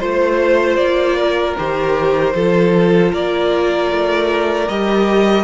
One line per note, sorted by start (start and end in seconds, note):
0.00 0.77 A3
0.00 1.56 F4
0.00 0.77 C5
0.00 1.17 C5
0.77 1.55 A#3
0.77 1.55 D5
1.17 2.34 A#4
1.57 2.34 D#3
1.57 2.33 G4
1.57 3.14 C5
2.33 3.12 F3
2.33 4.67 F4
2.33 3.12 A4
3.12 3.91 A#3
3.12 5.44 A#4
3.12 4.69 D5
3.91 4.69 A3
4.69 5.44 G3
4.69 5.44 G4
4.69 5.44 D#5